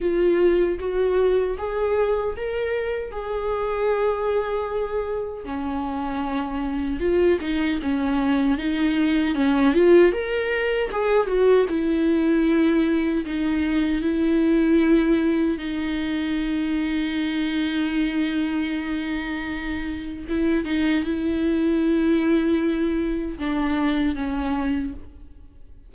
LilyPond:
\new Staff \with { instrumentName = "viola" } { \time 4/4 \tempo 4 = 77 f'4 fis'4 gis'4 ais'4 | gis'2. cis'4~ | cis'4 f'8 dis'8 cis'4 dis'4 | cis'8 f'8 ais'4 gis'8 fis'8 e'4~ |
e'4 dis'4 e'2 | dis'1~ | dis'2 e'8 dis'8 e'4~ | e'2 d'4 cis'4 | }